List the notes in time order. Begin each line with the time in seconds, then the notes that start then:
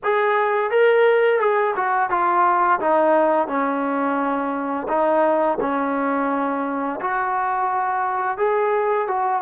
0.03 G#4
0.70 A#4
1.40 G#4
1.76 F#4
2.10 F4
2.80 D#4
3.47 C#4
4.88 D#4
5.60 C#4
7.01 F#4
8.37 G#4
9.07 F#4